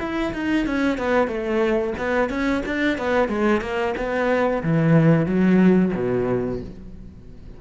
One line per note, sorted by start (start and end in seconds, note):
0.00 0.33 E4
0.33 0.66 D#4
0.66 0.98 C#4
0.98 1.28 B3
1.28 1.94 A3
1.98 2.30 B3
2.30 2.63 C#4
2.66 2.98 D4
2.98 3.28 B3
3.28 3.61 G#3
3.61 3.94 A#3
3.97 4.63 B3
4.63 5.26 E3
5.26 5.92 F#3
5.95 6.61 B2